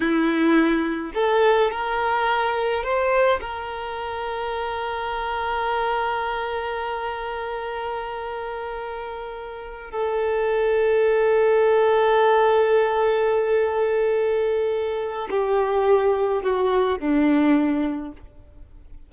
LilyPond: \new Staff \with { instrumentName = "violin" } { \time 4/4 \tempo 4 = 106 e'2 a'4 ais'4~ | ais'4 c''4 ais'2~ | ais'1~ | ais'1~ |
ais'4. a'2~ a'8~ | a'1~ | a'2. g'4~ | g'4 fis'4 d'2 | }